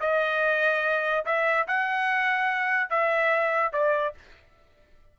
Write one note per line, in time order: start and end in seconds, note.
0.00 1.25 D#5
1.25 1.67 E5
1.67 2.90 F#5
2.90 3.73 E5
3.73 4.14 D5